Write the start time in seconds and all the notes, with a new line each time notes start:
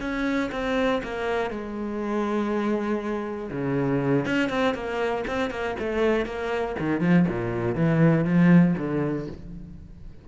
0.00 C#4
0.51 C4
1.03 A#3
1.50 G#3
3.51 C#3
4.25 C#4
4.49 C4
4.74 A#3
5.27 C4
5.50 A#3
5.79 A3
6.25 A#3
6.79 D#3
7.00 F3
7.28 A#2
7.75 E3
8.25 F3
8.78 D3